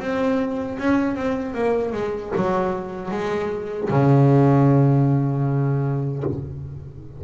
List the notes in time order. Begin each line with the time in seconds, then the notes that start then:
0.00 C4
0.79 C#4
1.16 C4
1.54 A#3
1.93 G#3
2.36 F#3
3.12 G#3
3.90 C#3